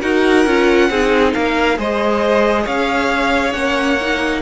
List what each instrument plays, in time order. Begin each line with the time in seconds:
0.00 cello D#4, viola F#4, violin A#4 F#5
0.46 cello C#4, viola F4
0.90 cello C4, viola D#4, violin G#4
1.33 cello A#3, violin A#4 F5
1.77 cello G#3, viola G#4, violin C5 D#5
2.62 cello C#4, violin C#5 F5
3.53 cello A#3, viola C#4, violin F#5
4.01 viola D#4